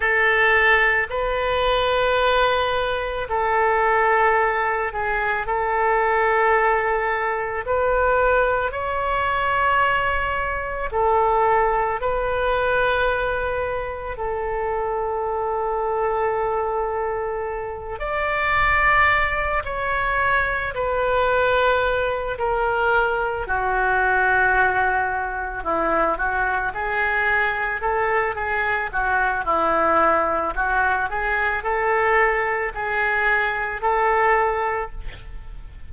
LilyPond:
\new Staff \with { instrumentName = "oboe" } { \time 4/4 \tempo 4 = 55 a'4 b'2 a'4~ | a'8 gis'8 a'2 b'4 | cis''2 a'4 b'4~ | b'4 a'2.~ |
a'8 d''4. cis''4 b'4~ | b'8 ais'4 fis'2 e'8 | fis'8 gis'4 a'8 gis'8 fis'8 e'4 | fis'8 gis'8 a'4 gis'4 a'4 | }